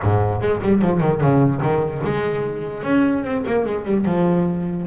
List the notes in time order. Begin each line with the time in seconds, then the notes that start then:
0.02 G#2
0.40 G#3
0.62 G3
0.81 F3
1.00 D#3
1.20 C#3
1.61 D#3
2.04 G#3
2.83 C#4
3.24 C4
3.46 A#3
3.65 G#3
3.84 G3
4.05 F3